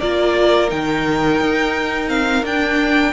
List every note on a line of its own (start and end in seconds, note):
0.00 0.72 A#3
0.00 0.68 F4
0.00 3.13 A#4
0.00 0.70 D5
0.68 1.40 D#3
0.68 2.08 D#4
0.68 2.09 G5
1.40 2.43 D#4
2.08 2.43 C4
2.08 2.44 F5
2.43 3.13 D4
2.43 3.13 G5